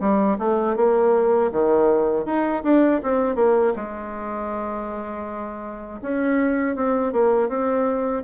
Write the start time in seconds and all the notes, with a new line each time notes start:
0.00 G3
0.39 A3
0.76 A#3
1.52 D#3
2.25 D#4
2.64 D4
3.03 C4
3.35 A#3
3.76 G#3
6.02 C#4
6.76 C4
7.13 A#3
7.49 C4